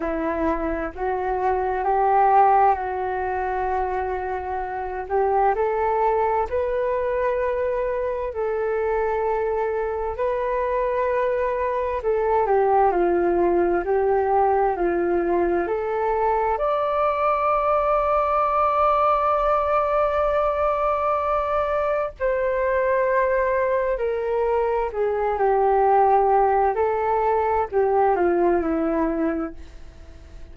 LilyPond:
\new Staff \with { instrumentName = "flute" } { \time 4/4 \tempo 4 = 65 e'4 fis'4 g'4 fis'4~ | fis'4. g'8 a'4 b'4~ | b'4 a'2 b'4~ | b'4 a'8 g'8 f'4 g'4 |
f'4 a'4 d''2~ | d''1 | c''2 ais'4 gis'8 g'8~ | g'4 a'4 g'8 f'8 e'4 | }